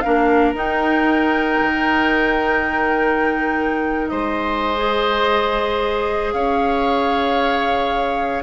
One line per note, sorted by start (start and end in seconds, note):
0.00 0.55 D4
0.00 4.10 A#4
0.00 0.53 F5
0.06 0.53 A#3
0.53 1.59 D#4
0.53 4.76 D#4
0.53 4.08 G5
1.61 4.10 D#3
4.08 6.33 G#3
4.08 6.34 C5
4.08 6.32 D#5
4.76 8.42 G#4
6.32 8.42 C#4
6.32 8.42 C#5
6.32 8.42 F5